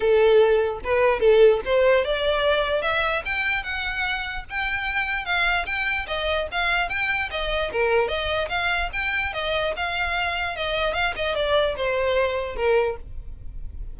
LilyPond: \new Staff \with { instrumentName = "violin" } { \time 4/4 \tempo 4 = 148 a'2 b'4 a'4 | c''4 d''2 e''4 | g''4 fis''2 g''4~ | g''4 f''4 g''4 dis''4 |
f''4 g''4 dis''4 ais'4 | dis''4 f''4 g''4 dis''4 | f''2 dis''4 f''8 dis''8 | d''4 c''2 ais'4 | }